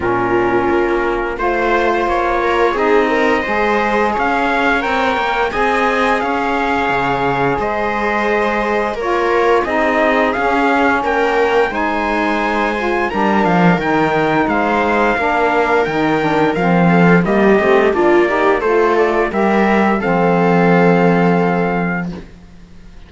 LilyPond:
<<
  \new Staff \with { instrumentName = "trumpet" } { \time 4/4 \tempo 4 = 87 ais'2 c''4 cis''4 | dis''2 f''4 g''4 | gis''4 f''2 dis''4~ | dis''4 cis''4 dis''4 f''4 |
g''4 gis''2 ais''8 f''8 | g''4 f''2 g''4 | f''4 dis''4 d''4 c''8 d''8 | e''4 f''2. | }
  \new Staff \with { instrumentName = "viola" } { \time 4/4 f'2 c''4. ais'8 | gis'8 ais'8 c''4 cis''2 | dis''4 cis''2 c''4~ | c''4 ais'4 gis'2 |
ais'4 c''2 ais'4~ | ais'4 c''4 ais'2~ | ais'8 a'8 g'4 f'8 g'8 a'4 | ais'4 a'2. | }
  \new Staff \with { instrumentName = "saxophone" } { \time 4/4 cis'2 f'2 | dis'4 gis'2 ais'4 | gis'1~ | gis'4 f'4 dis'4 cis'4~ |
cis'4 dis'4. f'8 d'4 | dis'2 d'4 dis'8 d'8 | c'4 ais8 c'8 d'8 dis'8 f'4 | g'4 c'2. | }
  \new Staff \with { instrumentName = "cello" } { \time 4/4 ais,4 ais4 a4 ais4 | c'4 gis4 cis'4 c'8 ais8 | c'4 cis'4 cis4 gis4~ | gis4 ais4 c'4 cis'4 |
ais4 gis2 g8 f8 | dis4 gis4 ais4 dis4 | f4 g8 a8 ais4 a4 | g4 f2. | }
>>